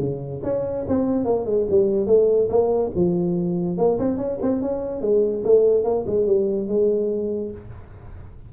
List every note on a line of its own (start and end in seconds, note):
0.00 0.42 C#3
0.44 0.85 C#4
0.88 1.25 C4
1.25 1.46 A#3
1.46 1.67 G#3
1.70 2.07 G3
2.07 2.49 A3
2.49 2.91 A#3
2.95 3.78 F3
3.78 3.99 A#3
3.99 4.18 C4
4.18 4.38 C#4
4.42 4.62 C4
4.62 5.02 C#4
5.02 5.43 G#3
5.45 5.84 A3
5.84 6.05 A#3
6.07 6.27 G#3
6.27 6.68 G3
6.68 7.52 G#3